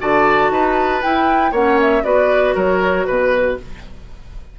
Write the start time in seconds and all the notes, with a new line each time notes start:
0.00 D3 F#4 D5 A5
0.51 D#4 B4
1.02 E4 G5
1.52 A#3 C#4 C#5 F#5
1.81 E5
2.04 B3 F#4 B4 D5
2.55 F#3 A#4 C#5
3.05 B2 B4